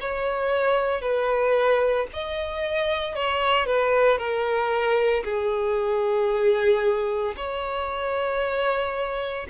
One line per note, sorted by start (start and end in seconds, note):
0.00 1.01 C#5
1.01 2.07 B4
2.12 3.15 D#5
3.15 3.66 C#5
3.66 4.18 B4
4.18 5.23 A#4
5.24 7.34 G#4
7.36 9.47 C#5